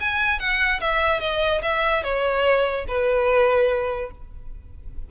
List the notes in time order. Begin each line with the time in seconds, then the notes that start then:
0.00 G#5
0.39 F#5
0.80 E5
1.20 D#5
1.62 E5
2.03 C#5
2.88 B4